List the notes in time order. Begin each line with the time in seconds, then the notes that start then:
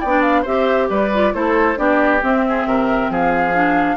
0.00 B3 D4 D5 G5
0.22 F5
0.42 C4 G4 C5 E5
0.90 G3 B4 D5
1.14 F4
1.33 A3 E4 A4 C5
1.76 B3 D4 G4 D5
2.23 C4 E5
2.48 G#4
2.65 C3 A#4
3.10 F3 G#4 F5
3.54 D4